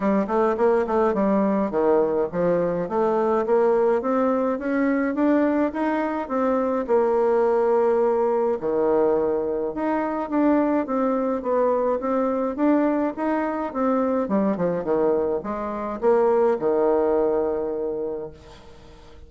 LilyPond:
\new Staff \with { instrumentName = "bassoon" } { \time 4/4 \tempo 4 = 105 g8 a8 ais8 a8 g4 dis4 | f4 a4 ais4 c'4 | cis'4 d'4 dis'4 c'4 | ais2. dis4~ |
dis4 dis'4 d'4 c'4 | b4 c'4 d'4 dis'4 | c'4 g8 f8 dis4 gis4 | ais4 dis2. | }